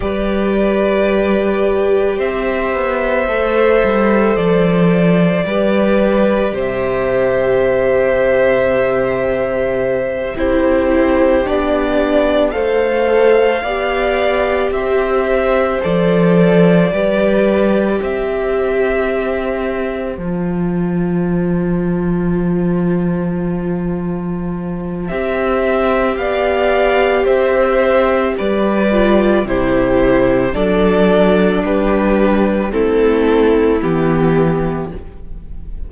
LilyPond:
<<
  \new Staff \with { instrumentName = "violin" } { \time 4/4 \tempo 4 = 55 d''2 e''2 | d''2 e''2~ | e''4. c''4 d''4 f''8~ | f''4. e''4 d''4.~ |
d''8 e''2 a''4.~ | a''2. e''4 | f''4 e''4 d''4 c''4 | d''4 b'4 a'4 g'4 | }
  \new Staff \with { instrumentName = "violin" } { \time 4/4 b'2 c''2~ | c''4 b'4 c''2~ | c''4. g'2 c''8~ | c''8 d''4 c''2 b'8~ |
b'8 c''2.~ c''8~ | c''1 | d''4 c''4 b'4 g'4 | a'4 g'4 e'2 | }
  \new Staff \with { instrumentName = "viola" } { \time 4/4 g'2. a'4~ | a'4 g'2.~ | g'4. e'4 d'4 a'8~ | a'8 g'2 a'4 g'8~ |
g'2~ g'8 f'4.~ | f'2. g'4~ | g'2~ g'8 f'8 e'4 | d'2 c'4 b4 | }
  \new Staff \with { instrumentName = "cello" } { \time 4/4 g2 c'8 b8 a8 g8 | f4 g4 c2~ | c4. c'4 b4 a8~ | a8 b4 c'4 f4 g8~ |
g8 c'2 f4.~ | f2. c'4 | b4 c'4 g4 c4 | fis4 g4 a4 e4 | }
>>